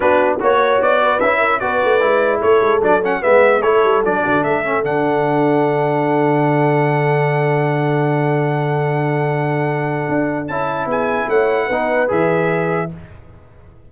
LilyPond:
<<
  \new Staff \with { instrumentName = "trumpet" } { \time 4/4 \tempo 4 = 149 b'4 cis''4 d''4 e''4 | d''2 cis''4 d''8 fis''8 | e''4 cis''4 d''4 e''4 | fis''1~ |
fis''1~ | fis''1~ | fis''2 a''4 gis''4 | fis''2 e''2 | }
  \new Staff \with { instrumentName = "horn" } { \time 4/4 fis'4 cis''4. b'4 ais'8 | b'2 a'2 | b'4 a'4. fis'8 a'4~ | a'1~ |
a'1~ | a'1~ | a'2. gis'4 | cis''4 b'2. | }
  \new Staff \with { instrumentName = "trombone" } { \time 4/4 d'4 fis'2 e'4 | fis'4 e'2 d'8 cis'8 | b4 e'4 d'4. cis'8 | d'1~ |
d'1~ | d'1~ | d'2 e'2~ | e'4 dis'4 gis'2 | }
  \new Staff \with { instrumentName = "tuba" } { \time 4/4 b4 ais4 b4 cis'4 | b8 a8 gis4 a8 gis8 fis4 | gis4 a8 g8 fis8 d8 a4 | d1~ |
d1~ | d1~ | d4 d'4 cis'4 b4 | a4 b4 e2 | }
>>